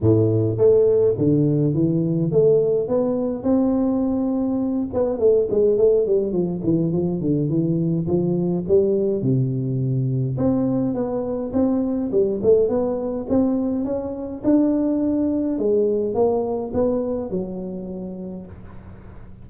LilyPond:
\new Staff \with { instrumentName = "tuba" } { \time 4/4 \tempo 4 = 104 a,4 a4 d4 e4 | a4 b4 c'2~ | c'8 b8 a8 gis8 a8 g8 f8 e8 | f8 d8 e4 f4 g4 |
c2 c'4 b4 | c'4 g8 a8 b4 c'4 | cis'4 d'2 gis4 | ais4 b4 fis2 | }